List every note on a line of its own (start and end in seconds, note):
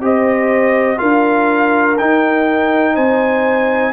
0.00 0.98 C4
0.00 0.98 G4
0.00 1.00 C5
0.00 0.99 D#5
0.98 2.00 D4
0.98 1.96 F4
0.98 2.95 A#4
0.98 1.97 F5
1.98 3.94 D#4
1.98 2.97 D#4
1.98 2.96 G5
2.95 3.94 C4
2.95 3.93 C5
2.95 3.94 G#5